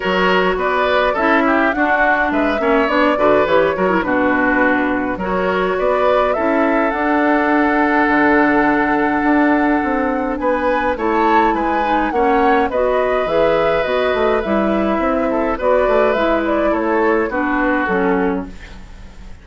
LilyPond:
<<
  \new Staff \with { instrumentName = "flute" } { \time 4/4 \tempo 4 = 104 cis''4 d''4 e''4 fis''4 | e''4 d''4 cis''4 b'4~ | b'4 cis''4 d''4 e''4 | fis''1~ |
fis''2 gis''4 a''4 | gis''4 fis''4 dis''4 e''4 | dis''4 e''2 d''4 | e''8 d''8 cis''4 b'4 a'4 | }
  \new Staff \with { instrumentName = "oboe" } { \time 4/4 ais'4 b'4 a'8 g'8 fis'4 | b'8 cis''4 b'4 ais'8 fis'4~ | fis'4 ais'4 b'4 a'4~ | a'1~ |
a'2 b'4 cis''4 | b'4 cis''4 b'2~ | b'2~ b'8 a'8 b'4~ | b'4 a'4 fis'2 | }
  \new Staff \with { instrumentName = "clarinet" } { \time 4/4 fis'2 e'4 d'4~ | d'8 cis'8 d'8 fis'8 g'8 fis'16 e'16 d'4~ | d'4 fis'2 e'4 | d'1~ |
d'2. e'4~ | e'8 dis'8 cis'4 fis'4 gis'4 | fis'4 e'2 fis'4 | e'2 d'4 cis'4 | }
  \new Staff \with { instrumentName = "bassoon" } { \time 4/4 fis4 b4 cis'4 d'4 | gis8 ais8 b8 d8 e8 fis8 b,4~ | b,4 fis4 b4 cis'4 | d'2 d2 |
d'4 c'4 b4 a4 | gis4 ais4 b4 e4 | b8 a8 g4 c'4 b8 a8 | gis4 a4 b4 fis4 | }
>>